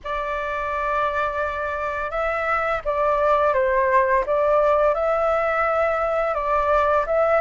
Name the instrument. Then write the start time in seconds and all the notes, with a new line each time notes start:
flute
0.04 D5
2.10 E5
2.84 D5
3.53 C5
4.25 D5
4.94 E5
6.34 D5
7.06 E5